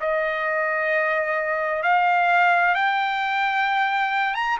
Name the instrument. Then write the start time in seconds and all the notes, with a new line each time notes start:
trumpet
0.00 D#5
1.83 F5
2.74 G5
4.34 A#5